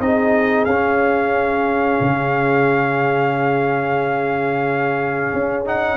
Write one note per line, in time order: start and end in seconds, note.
0.00 0.66 C4
0.00 0.68 D#4
0.00 5.97 G#4
0.00 0.65 D#5
0.65 1.99 C#4
0.65 5.65 C#4
0.65 5.65 F5
2.00 5.33 C#3
5.33 5.97 C#4
5.65 5.97 D#4
5.65 5.97 F#5